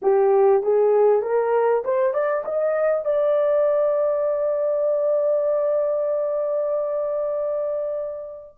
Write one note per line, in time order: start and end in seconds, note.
0.02 0.62 G4
0.62 1.21 G#4
1.21 1.83 A#4
1.84 2.13 C5
2.13 2.44 D5
2.44 3.04 D#5
3.04 8.55 D5